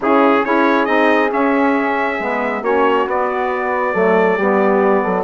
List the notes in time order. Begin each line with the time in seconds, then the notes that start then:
0.00 C#3 C#4 E4 G#4
0.44 C#4 E4 G#4 C#5
0.85 C4 D#4 D#5
1.29 C#4 E5
2.19 G#3 B3
2.62 A#3 C#4 F#4 C#5
3.06 B3 D5
3.93 F#3 A3 A4
4.37 G3 B3 G4
5.03 F#3 A4